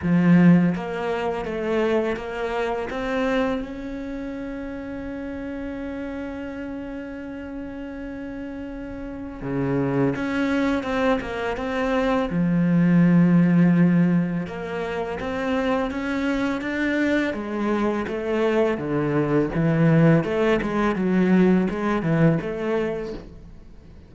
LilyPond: \new Staff \with { instrumentName = "cello" } { \time 4/4 \tempo 4 = 83 f4 ais4 a4 ais4 | c'4 cis'2.~ | cis'1~ | cis'4 cis4 cis'4 c'8 ais8 |
c'4 f2. | ais4 c'4 cis'4 d'4 | gis4 a4 d4 e4 | a8 gis8 fis4 gis8 e8 a4 | }